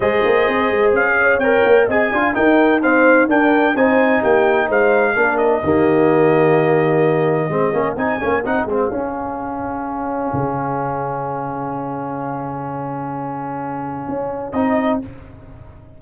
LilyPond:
<<
  \new Staff \with { instrumentName = "trumpet" } { \time 4/4 \tempo 4 = 128 dis''2 f''4 g''4 | gis''4 g''4 f''4 g''4 | gis''4 g''4 f''4. dis''8~ | dis''1~ |
dis''4 gis''4 fis''8 f''4.~ | f''1~ | f''1~ | f''2. dis''4 | }
  \new Staff \with { instrumentName = "horn" } { \time 4/4 c''2~ c''8 cis''4. | dis''8 f''8 ais'4 c''4 ais'4 | c''4 g'4 c''4 ais'4 | g'1 |
gis'1~ | gis'1~ | gis'1~ | gis'1 | }
  \new Staff \with { instrumentName = "trombone" } { \time 4/4 gis'2. ais'4 | gis'8 f'8 dis'4 c'4 d'4 | dis'2. d'4 | ais1 |
c'8 cis'8 dis'8 cis'8 dis'8 c'8 cis'4~ | cis'1~ | cis'1~ | cis'2. dis'4 | }
  \new Staff \with { instrumentName = "tuba" } { \time 4/4 gis8 ais8 c'8 gis8 cis'4 c'8 ais8 | c'8 d'8 dis'2 d'4 | c'4 ais4 gis4 ais4 | dis1 |
gis8 ais8 c'8 ais8 c'8 gis8 cis'4~ | cis'2 cis2~ | cis1~ | cis2 cis'4 c'4 | }
>>